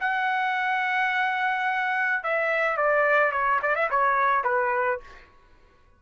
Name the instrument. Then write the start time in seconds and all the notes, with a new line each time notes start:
trumpet
0.00 F#5
2.23 E5
2.77 D5
3.32 C#5
3.62 D5
3.75 E5
3.90 C#5
4.44 B4